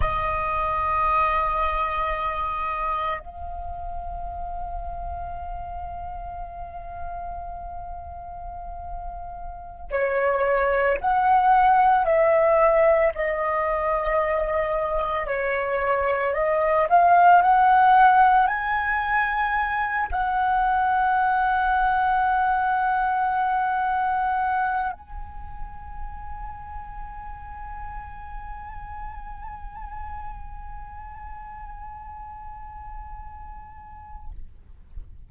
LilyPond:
\new Staff \with { instrumentName = "flute" } { \time 4/4 \tempo 4 = 56 dis''2. f''4~ | f''1~ | f''4~ f''16 cis''4 fis''4 e''8.~ | e''16 dis''2 cis''4 dis''8 f''16~ |
f''16 fis''4 gis''4. fis''4~ fis''16~ | fis''2.~ fis''16 gis''8.~ | gis''1~ | gis''1 | }